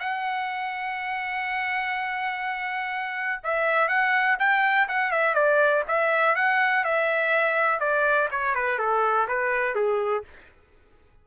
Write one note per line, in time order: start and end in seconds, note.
0.00 3.41 F#5
3.43 3.89 E5
3.89 4.37 F#5
4.39 4.88 G5
4.88 5.12 F#5
5.12 5.35 E5
5.35 5.84 D5
5.88 6.36 E5
6.36 6.84 F#5
6.84 7.80 E5
7.80 8.29 D5
8.31 8.55 C#5
8.55 8.79 B4
8.79 9.28 A4
9.28 9.75 B4
9.75 10.24 G#4